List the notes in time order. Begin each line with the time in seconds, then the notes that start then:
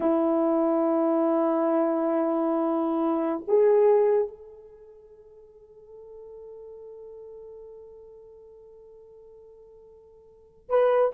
0.00 E4
3.47 G#4
4.28 A4
10.69 B4